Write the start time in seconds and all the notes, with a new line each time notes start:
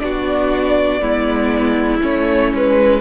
0.00 B3 D4 F#4 D5
1.01 G#3 B3 E4
2.01 A3 C#4 C#5
2.53 G#3 B4